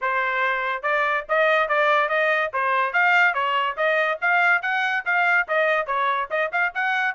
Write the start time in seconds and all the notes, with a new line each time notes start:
0.01 C5
0.82 D5
1.29 D#5
1.68 D5
2.08 D#5
2.53 C5
2.93 F5
3.34 C#5
3.76 D#5
4.21 F5
4.62 F#5
5.05 F5
5.48 D#5
5.86 C#5
6.30 D#5
6.51 F5
6.74 F#5